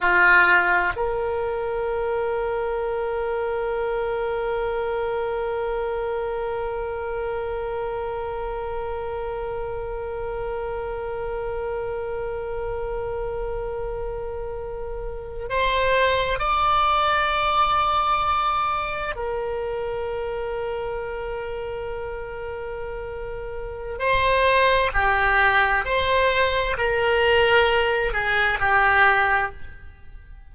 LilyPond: \new Staff \with { instrumentName = "oboe" } { \time 4/4 \tempo 4 = 65 f'4 ais'2.~ | ais'1~ | ais'1~ | ais'1~ |
ais'8. c''4 d''2~ d''16~ | d''8. ais'2.~ ais'16~ | ais'2 c''4 g'4 | c''4 ais'4. gis'8 g'4 | }